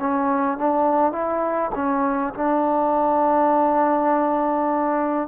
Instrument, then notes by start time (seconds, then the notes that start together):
trombone
0.00 C#4
0.58 D4
1.12 E4
1.75 C#4
2.34 D4